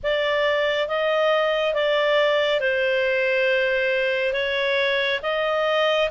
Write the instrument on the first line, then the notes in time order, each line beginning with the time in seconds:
clarinet
0.03 D5
0.87 D#5
1.74 D5
2.60 C5
4.33 C#5
5.22 D#5